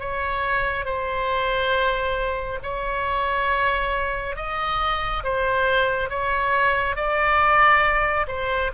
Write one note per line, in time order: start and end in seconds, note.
0.00 0.85 C#5
0.85 2.59 C5
2.63 4.36 C#5
4.36 5.23 D#5
5.24 6.10 C5
6.10 6.96 C#5
6.96 8.26 D5
8.28 8.72 C5